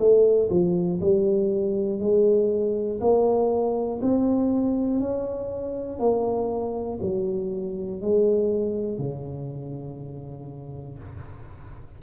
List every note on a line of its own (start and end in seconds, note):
0.00 0.50 A3
0.50 1.00 F3
1.01 2.00 G3
2.00 3.00 G#3
3.01 4.01 A#3
4.02 5.01 C4
5.01 6.00 C#4
6.00 7.00 A#3
7.03 8.02 F#3
8.02 8.99 G#3
8.99 10.99 C#3